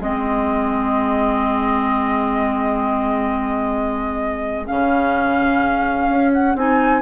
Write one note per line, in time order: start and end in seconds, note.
0.00 4.70 G#3
0.00 4.67 C4
0.00 7.02 G#4
0.00 4.68 D#5
4.67 6.10 C#3
4.67 6.55 C#4
4.67 6.32 F5
6.10 6.55 C#4
6.33 6.57 F#5
6.55 7.02 C4
6.55 7.02 D#4
6.55 7.02 G#5